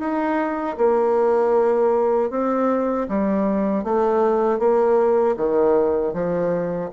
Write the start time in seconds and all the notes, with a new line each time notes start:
0.00 D#4
0.78 A#3
2.31 C4
3.09 G3
3.84 A3
4.59 A#3
5.37 D#3
6.14 F3